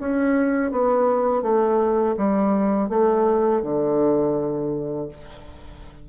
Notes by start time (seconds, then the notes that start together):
0.00 C#4
0.71 B3
1.42 A3
2.17 G3
2.89 A3
3.62 D3